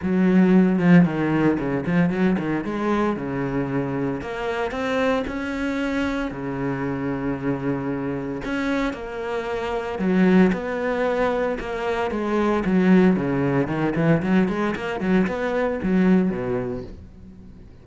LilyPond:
\new Staff \with { instrumentName = "cello" } { \time 4/4 \tempo 4 = 114 fis4. f8 dis4 cis8 f8 | fis8 dis8 gis4 cis2 | ais4 c'4 cis'2 | cis1 |
cis'4 ais2 fis4 | b2 ais4 gis4 | fis4 cis4 dis8 e8 fis8 gis8 | ais8 fis8 b4 fis4 b,4 | }